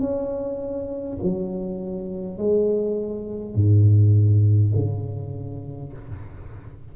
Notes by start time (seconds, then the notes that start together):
0.00 C#4
1.22 F#3
2.37 G#3
3.55 G#2
4.75 C#3